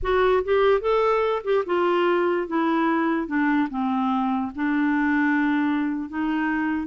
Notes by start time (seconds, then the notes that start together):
0.02 F#4
0.44 G4
0.80 A4
1.43 G4
1.66 F4
2.47 E4
3.27 D4
3.70 C4
4.55 D4
6.09 D#4